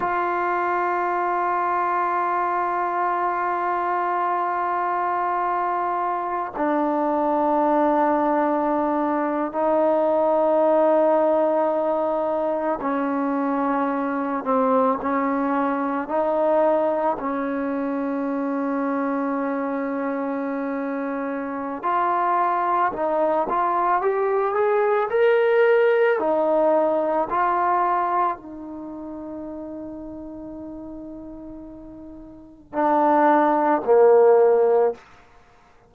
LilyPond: \new Staff \with { instrumentName = "trombone" } { \time 4/4 \tempo 4 = 55 f'1~ | f'2 d'2~ | d'8. dis'2. cis'16~ | cis'4~ cis'16 c'8 cis'4 dis'4 cis'16~ |
cis'1 | f'4 dis'8 f'8 g'8 gis'8 ais'4 | dis'4 f'4 dis'2~ | dis'2 d'4 ais4 | }